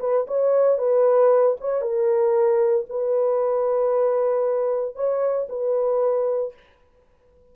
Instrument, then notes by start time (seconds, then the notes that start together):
horn
0.00 B4
0.27 C#5
0.78 B4
1.61 C#5
1.81 A#4
2.89 B4
4.95 C#5
5.49 B4